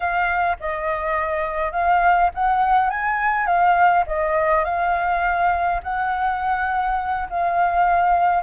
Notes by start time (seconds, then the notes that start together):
0.00 F5
0.60 D#5
1.72 F5
2.34 F#5
2.90 G#5
3.46 F5
4.06 D#5
4.64 F5
5.83 F#5
7.29 F5